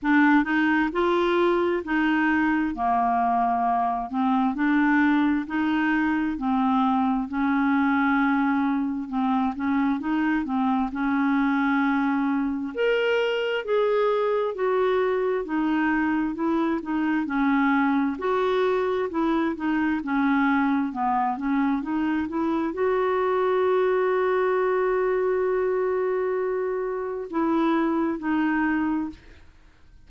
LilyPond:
\new Staff \with { instrumentName = "clarinet" } { \time 4/4 \tempo 4 = 66 d'8 dis'8 f'4 dis'4 ais4~ | ais8 c'8 d'4 dis'4 c'4 | cis'2 c'8 cis'8 dis'8 c'8 | cis'2 ais'4 gis'4 |
fis'4 dis'4 e'8 dis'8 cis'4 | fis'4 e'8 dis'8 cis'4 b8 cis'8 | dis'8 e'8 fis'2.~ | fis'2 e'4 dis'4 | }